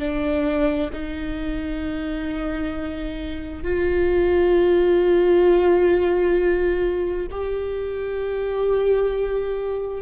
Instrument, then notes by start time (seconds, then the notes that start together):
viola
0.00 D4
0.93 D#4
3.64 F4
7.31 G4